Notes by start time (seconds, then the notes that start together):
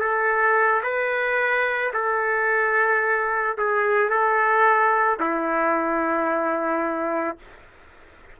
0.00 A4
0.83 B4
1.93 A4
3.58 G#4
4.10 A4
5.20 E4